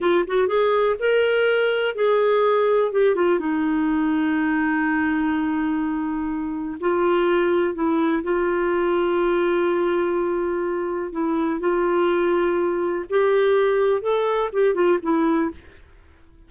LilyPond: \new Staff \with { instrumentName = "clarinet" } { \time 4/4 \tempo 4 = 124 f'8 fis'8 gis'4 ais'2 | gis'2 g'8 f'8 dis'4~ | dis'1~ | dis'2 f'2 |
e'4 f'2.~ | f'2. e'4 | f'2. g'4~ | g'4 a'4 g'8 f'8 e'4 | }